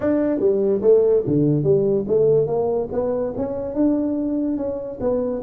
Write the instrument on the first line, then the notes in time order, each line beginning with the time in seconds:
tuba
0.00 D4
0.39 G3
0.81 A3
1.26 D3
1.63 G3
2.07 A3
2.47 A#3
2.92 B3
3.36 C#4
3.74 D4
4.57 C#4
5.00 B3